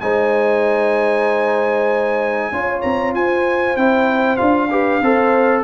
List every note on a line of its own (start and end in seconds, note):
0.00 2.51 G#3
0.00 2.52 D#4
0.00 2.52 C5
0.00 2.81 G#5
2.51 2.83 C#4
2.51 3.77 F4
2.51 3.15 C#5
2.81 3.14 C4
2.81 3.12 A#5
3.14 3.76 F4
3.14 4.70 C5
3.14 3.76 G#5
3.76 4.38 C4
3.76 4.37 E4
3.76 4.36 G5
4.36 5.01 D4
4.36 4.69 F4
4.36 5.61 F5
4.70 5.01 G4
4.70 5.01 B4
5.01 5.63 C4
5.01 5.63 A4
5.01 5.63 C5